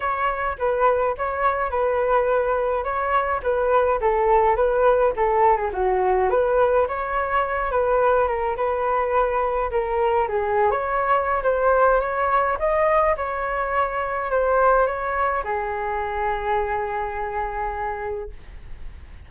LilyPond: \new Staff \with { instrumentName = "flute" } { \time 4/4 \tempo 4 = 105 cis''4 b'4 cis''4 b'4~ | b'4 cis''4 b'4 a'4 | b'4 a'8. gis'16 fis'4 b'4 | cis''4. b'4 ais'8 b'4~ |
b'4 ais'4 gis'8. cis''4~ cis''16 | c''4 cis''4 dis''4 cis''4~ | cis''4 c''4 cis''4 gis'4~ | gis'1 | }